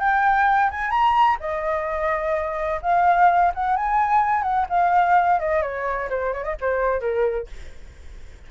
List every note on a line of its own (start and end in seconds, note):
0.00 0.70 G5
0.71 0.91 G#5
0.91 1.38 A#5
1.40 2.81 D#5
2.82 3.53 F5
3.55 3.77 F#5
3.77 4.43 G#5
4.43 4.66 F#5
4.70 5.40 F5
5.40 5.62 D#5
5.62 6.09 C#5
6.10 6.33 C5
6.34 6.44 C#5
6.44 6.56 D#5
6.61 7.01 C5
7.01 7.48 A#4